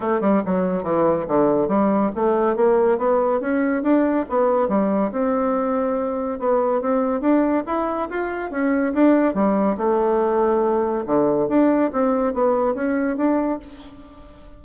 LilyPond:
\new Staff \with { instrumentName = "bassoon" } { \time 4/4 \tempo 4 = 141 a8 g8 fis4 e4 d4 | g4 a4 ais4 b4 | cis'4 d'4 b4 g4 | c'2. b4 |
c'4 d'4 e'4 f'4 | cis'4 d'4 g4 a4~ | a2 d4 d'4 | c'4 b4 cis'4 d'4 | }